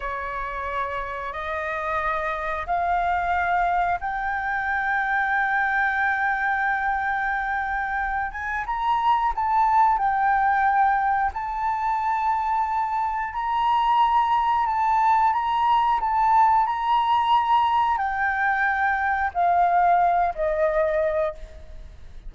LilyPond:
\new Staff \with { instrumentName = "flute" } { \time 4/4 \tempo 4 = 90 cis''2 dis''2 | f''2 g''2~ | g''1~ | g''8 gis''8 ais''4 a''4 g''4~ |
g''4 a''2. | ais''2 a''4 ais''4 | a''4 ais''2 g''4~ | g''4 f''4. dis''4. | }